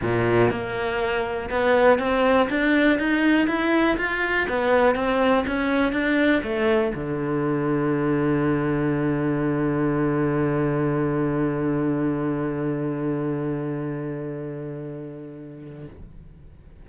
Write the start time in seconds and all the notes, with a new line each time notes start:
0.01 A#2
0.50 A#3
1.50 B3
1.98 C4
2.49 D4
2.99 D#4
3.47 E4
3.97 F4
4.49 B3
4.95 C4
5.47 C#4
5.92 D4
6.43 A3
6.94 D3